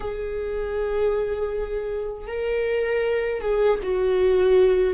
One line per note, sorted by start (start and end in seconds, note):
0.00 2.27 G#4
2.27 3.41 A#4
3.41 3.79 G#4
3.82 4.94 F#4